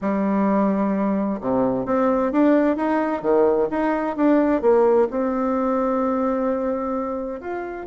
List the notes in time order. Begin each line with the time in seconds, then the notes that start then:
0.01 G3
1.41 C3
1.85 C4
2.31 D4
2.76 D#4
3.22 D#3
3.70 D#4
4.16 D4
4.61 A#3
5.10 C4
7.40 F4